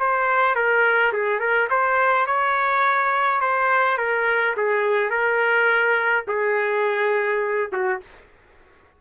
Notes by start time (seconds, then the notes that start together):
0.00 C5
0.56 A#4
1.13 G#4
1.40 A#4
1.70 C5
2.27 C#5
3.42 C5
3.98 A#4
4.57 G#4
5.10 A#4
6.28 G#4
7.73 F#4